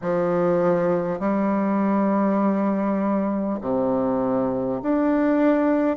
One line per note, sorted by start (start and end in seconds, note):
0.01 1.19 F3
1.19 3.59 G3
3.61 4.81 C3
4.82 5.96 D4